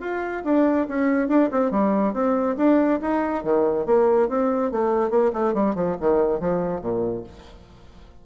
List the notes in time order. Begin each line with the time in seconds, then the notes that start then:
0.00 F4
0.44 D4
0.88 C#4
1.28 D4
1.51 C4
1.71 G3
2.13 C4
2.57 D4
3.01 D#4
3.43 D#3
3.86 A#3
4.29 C4
4.71 A3
5.10 A#3
5.33 A3
5.54 G3
5.75 F3
6.00 D#3
6.40 F3
6.81 A#2